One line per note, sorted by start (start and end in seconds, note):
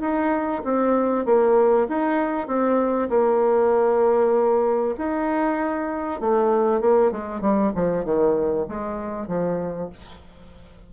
0.00 0.62 D#4
0.64 1.25 C4
1.25 1.87 A#3
1.88 2.47 D#4
2.47 3.09 C4
3.09 4.95 A#3
4.98 6.20 D#4
6.20 6.80 A3
6.80 7.11 A#3
7.11 7.41 G#3
7.41 7.72 G3
7.75 8.04 F3
8.04 8.66 D#3
8.68 9.27 G#3
9.27 9.89 F3